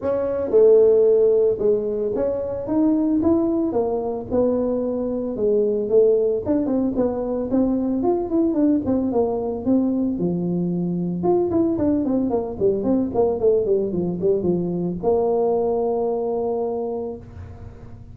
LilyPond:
\new Staff \with { instrumentName = "tuba" } { \time 4/4 \tempo 4 = 112 cis'4 a2 gis4 | cis'4 dis'4 e'4 ais4 | b2 gis4 a4 | d'8 c'8 b4 c'4 f'8 e'8 |
d'8 c'8 ais4 c'4 f4~ | f4 f'8 e'8 d'8 c'8 ais8 g8 | c'8 ais8 a8 g8 f8 g8 f4 | ais1 | }